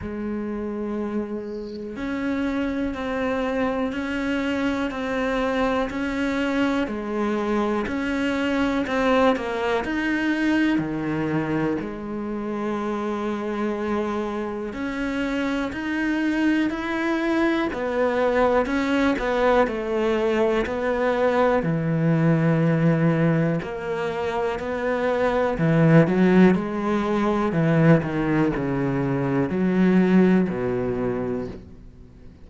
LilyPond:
\new Staff \with { instrumentName = "cello" } { \time 4/4 \tempo 4 = 61 gis2 cis'4 c'4 | cis'4 c'4 cis'4 gis4 | cis'4 c'8 ais8 dis'4 dis4 | gis2. cis'4 |
dis'4 e'4 b4 cis'8 b8 | a4 b4 e2 | ais4 b4 e8 fis8 gis4 | e8 dis8 cis4 fis4 b,4 | }